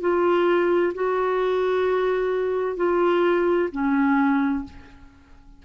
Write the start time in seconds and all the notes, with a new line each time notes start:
0.00 F4
0.94 F#4
2.76 F4
3.71 C#4